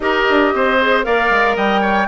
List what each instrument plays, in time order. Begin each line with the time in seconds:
0.00 bassoon D#4, clarinet G4, oboe A#4, flute D#5
0.29 bassoon D4
0.54 bassoon C4, oboe C5
0.80 clarinet G#4
1.03 bassoon A#3, clarinet A#4, oboe D5, flute F5
1.30 bassoon G#3
1.56 bassoon G3, oboe D#5, flute G5
1.81 oboe C#5